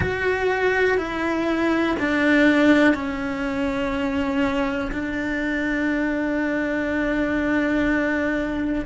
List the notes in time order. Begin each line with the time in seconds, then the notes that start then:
0.00 F#4
0.97 E4
1.99 D4
2.94 C#4
4.91 D4